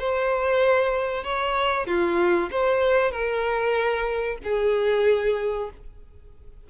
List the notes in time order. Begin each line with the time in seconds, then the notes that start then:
0.00 C5
1.25 C#5
1.87 F4
2.51 C5
3.12 A#4
4.44 G#4